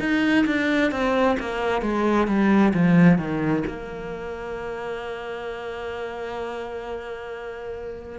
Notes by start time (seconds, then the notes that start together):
0.00 D#4
0.46 D4
0.92 C4
1.40 A#3
1.82 G#3
2.28 G3
2.74 F3
3.18 D#3
3.67 A#3